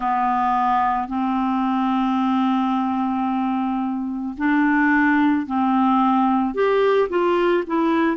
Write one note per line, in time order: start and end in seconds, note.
0.00 1.08 B3
1.08 4.35 C4
4.37 5.46 D4
5.46 6.54 C4
6.54 7.09 G4
7.09 7.64 F4
7.67 8.16 E4